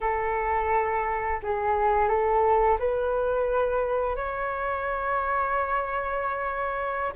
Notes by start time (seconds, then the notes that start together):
0.00 A4
1.42 G#4
2.08 A4
2.79 B4
4.16 C#5